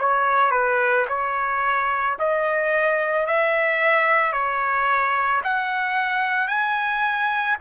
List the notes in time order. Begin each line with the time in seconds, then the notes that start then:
0.00 C#5
0.52 B4
1.09 C#5
2.19 D#5
3.27 E5
4.33 C#5
5.44 F#5
6.48 G#5